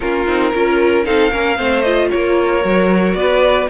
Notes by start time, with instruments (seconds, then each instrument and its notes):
0.00 cello A#3, viola C#4, violin F4 A#4
0.27 cello C4, viola D#4
0.54 cello C#4, viola F4, violin A#4
1.04 cello C4, viola D#4, violin A4 F5
1.31 cello A#3, viola C#4, violin A#4
1.56 cello A3, viola C4, violin C5
1.82 viola F4, violin D#5
2.10 cello A#3, violin A#4 C#5
2.62 cello F#3, viola F#4
3.14 cello B3, violin B4 D5